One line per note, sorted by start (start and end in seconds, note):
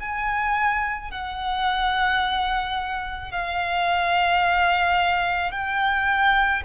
0.00 1.11 G#5
1.11 3.32 F#5
3.32 5.52 F5
5.52 6.63 G5